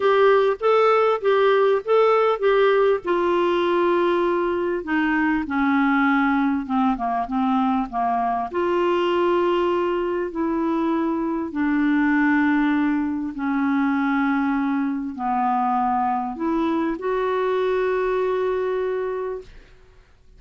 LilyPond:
\new Staff \with { instrumentName = "clarinet" } { \time 4/4 \tempo 4 = 99 g'4 a'4 g'4 a'4 | g'4 f'2. | dis'4 cis'2 c'8 ais8 | c'4 ais4 f'2~ |
f'4 e'2 d'4~ | d'2 cis'2~ | cis'4 b2 e'4 | fis'1 | }